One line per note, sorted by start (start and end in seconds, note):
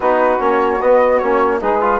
0.00 0.38 B3
0.00 0.39 D#4
0.00 1.57 F#4
0.00 0.41 B4
0.39 0.80 A#3
0.39 0.79 C#4
0.39 0.81 C#5
0.81 1.21 B3
0.81 1.22 B3
0.81 1.18 D#5
1.18 1.62 A#3
1.18 1.61 C#4
1.18 1.59 C#5
1.61 2.00 G#3
1.61 1.80 D#4
1.61 2.00 G#4
1.61 2.00 B4
1.80 2.00 F4